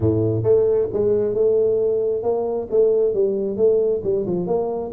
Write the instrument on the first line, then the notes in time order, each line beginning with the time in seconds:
tuba
0.00 A2
0.43 A3
0.92 G#3
1.34 A3
2.22 A#3
2.70 A3
3.14 G3
3.57 A3
4.03 G3
4.26 F3
4.47 A#3